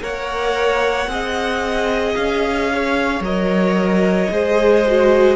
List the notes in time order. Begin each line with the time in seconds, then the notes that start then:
0.00 A#3 A#4 C#5 F#5
1.07 C4 G#4 D#5
2.15 C#4 F5
2.74 C#5
3.20 F#3 A#4 D#5
4.30 G#3 G#4 C5
4.86 F#4